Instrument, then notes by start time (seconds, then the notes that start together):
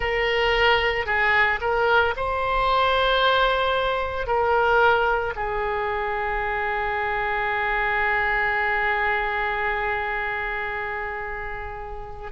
oboe
0.00 A#4
1.06 G#4
1.61 A#4
2.16 C5
4.27 A#4
5.35 G#4